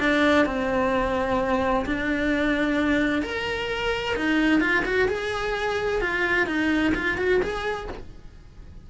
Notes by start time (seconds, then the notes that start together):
0.00 D4
0.46 C4
1.86 D4
3.22 A#4
4.16 D#4
4.61 F4
4.85 F#4
5.08 G#4
6.01 F4
6.47 D#4
6.95 F4
7.18 F#4
7.43 G#4